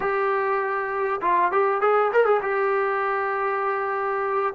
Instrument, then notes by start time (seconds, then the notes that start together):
trombone
0.00 G4
1.21 F4
1.51 G4
1.81 G#4
2.12 A#4
2.25 G#4
2.41 G4